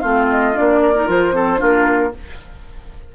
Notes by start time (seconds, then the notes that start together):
0.00 A3 C4 F4 F5
0.30 D#5
0.54 A#3 D4 D5
0.83 A#4
0.95 D#4
1.07 F3 F4 C5
1.33 C4 A4
1.58 A#3 D4 F4 A#4